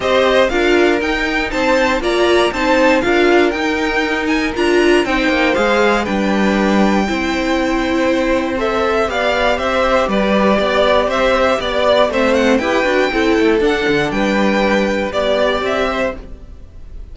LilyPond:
<<
  \new Staff \with { instrumentName = "violin" } { \time 4/4 \tempo 4 = 119 dis''4 f''4 g''4 a''4 | ais''4 a''4 f''4 g''4~ | g''8 gis''8 ais''4 g''4 f''4 | g''1~ |
g''4 e''4 f''4 e''4 | d''2 e''4 d''4 | e''8 fis''8 g''2 fis''4 | g''2 d''4 e''4 | }
  \new Staff \with { instrumentName = "violin" } { \time 4/4 c''4 ais'2 c''4 | d''4 c''4 ais'2~ | ais'2 c''2 | b'2 c''2~ |
c''2 d''4 c''4 | b'4 d''4 c''4 d''4 | c''4 b'4 a'2 | b'2 d''4. c''8 | }
  \new Staff \with { instrumentName = "viola" } { \time 4/4 g'4 f'4 dis'2 | f'4 dis'4 f'4 dis'4~ | dis'4 f'4 dis'4 gis'4 | d'2 e'2~ |
e'4 a'4 g'2~ | g'1 | c'4 g'8 fis'8 e'4 d'4~ | d'2 g'2 | }
  \new Staff \with { instrumentName = "cello" } { \time 4/4 c'4 d'4 dis'4 c'4 | ais4 c'4 d'4 dis'4~ | dis'4 d'4 c'8 ais8 gis4 | g2 c'2~ |
c'2 b4 c'4 | g4 b4 c'4 b4 | a4 e'8 d'8 c'8 a8 d'8 d8 | g2 b4 c'4 | }
>>